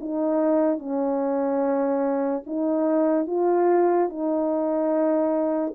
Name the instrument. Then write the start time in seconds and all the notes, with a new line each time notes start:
horn
0.00 D#4
0.78 C#4
2.46 D#4
3.27 F4
4.09 D#4